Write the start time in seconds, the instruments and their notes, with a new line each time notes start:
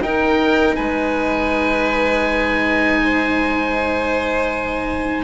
0.00 bassoon D#4, cello D#4, violin A#4, oboe G5
0.75 bassoon G#3, violin B4, oboe G#5
3.04 violin C5